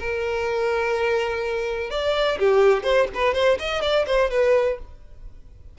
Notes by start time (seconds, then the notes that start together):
0.00 A#4
1.91 D5
2.39 G4
2.83 C5
3.14 B4
3.34 C5
3.60 D#5
3.82 D5
4.07 C5
4.31 B4